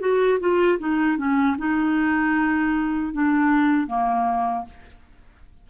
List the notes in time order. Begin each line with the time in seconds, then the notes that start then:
0.00 F#4
0.40 F4
0.79 D#4
1.18 C#4
1.58 D#4
3.13 D4
3.87 A#3